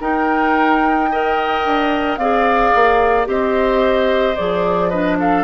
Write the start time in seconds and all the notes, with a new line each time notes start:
0.00 D#4 A#4 G5
1.11 A#4 D#5
1.64 D4
2.16 C4 G#4 D5 F5
2.74 A#3
3.25 C4 G4 C5 D#5
4.36 F3 G#4 D5
4.89 D4 B4 D#5
5.19 A4 F5